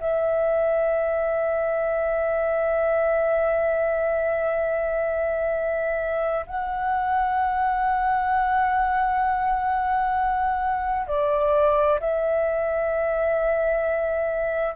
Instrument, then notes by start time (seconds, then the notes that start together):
flute
0.00 E5
6.47 F#5
11.07 D5
12.00 E5